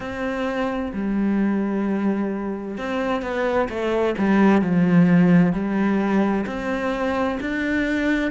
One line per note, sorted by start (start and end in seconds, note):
0.00 0.92 C4
0.93 2.77 G3
2.77 3.22 C4
3.22 3.68 B3
3.69 4.15 A3
4.17 4.62 G3
4.62 5.53 F3
5.53 6.45 G3
6.46 7.38 C4
7.40 8.31 D4